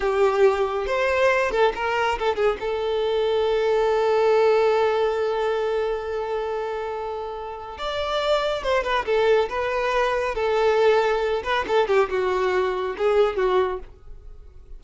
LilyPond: \new Staff \with { instrumentName = "violin" } { \time 4/4 \tempo 4 = 139 g'2 c''4. a'8 | ais'4 a'8 gis'8 a'2~ | a'1~ | a'1~ |
a'2 d''2 | c''8 b'8 a'4 b'2 | a'2~ a'8 b'8 a'8 g'8 | fis'2 gis'4 fis'4 | }